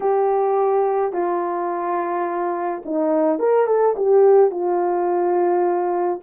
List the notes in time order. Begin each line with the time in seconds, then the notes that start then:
0.00 G4
1.12 F4
2.85 D#4
3.39 A#4
3.66 A4
3.96 G4
4.50 F4